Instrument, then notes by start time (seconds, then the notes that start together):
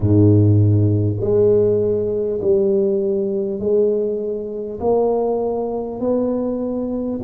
tuba
0.00 G#2
1.20 G#3
2.41 G3
3.59 G#3
4.79 A#3
6.00 B3